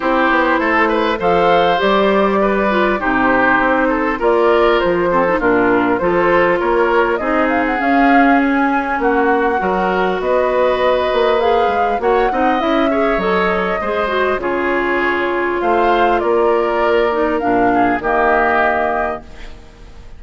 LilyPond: <<
  \new Staff \with { instrumentName = "flute" } { \time 4/4 \tempo 4 = 100 c''2 f''4 d''4~ | d''4 c''2 d''4 | c''4 ais'4 c''4 cis''4 | dis''8 f''16 fis''16 f''4 gis''4 fis''4~ |
fis''4 dis''2 f''4 | fis''4 e''4 dis''2 | cis''2 f''4 d''4~ | d''4 f''4 dis''2 | }
  \new Staff \with { instrumentName = "oboe" } { \time 4/4 g'4 a'8 b'8 c''2 | b'4 g'4. a'8 ais'4~ | ais'8 a'8 f'4 a'4 ais'4 | gis'2. fis'4 |
ais'4 b'2. | cis''8 dis''4 cis''4. c''4 | gis'2 c''4 ais'4~ | ais'4. gis'8 g'2 | }
  \new Staff \with { instrumentName = "clarinet" } { \time 4/4 e'2 a'4 g'4~ | g'8 f'8 dis'2 f'4~ | f'8 c'16 dis'16 d'4 f'2 | dis'4 cis'2. |
fis'2. gis'4 | fis'8 dis'8 e'8 gis'8 a'4 gis'8 fis'8 | f'1~ | f'8 dis'8 d'4 ais2 | }
  \new Staff \with { instrumentName = "bassoon" } { \time 4/4 c'8 b8 a4 f4 g4~ | g4 c4 c'4 ais4 | f4 ais,4 f4 ais4 | c'4 cis'2 ais4 |
fis4 b4. ais4 gis8 | ais8 c'8 cis'4 fis4 gis4 | cis2 a4 ais4~ | ais4 ais,4 dis2 | }
>>